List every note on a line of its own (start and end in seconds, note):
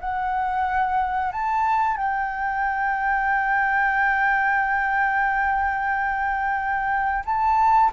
0.00 1.32 F#5
1.32 1.97 A5
1.97 7.24 G5
7.25 7.91 A5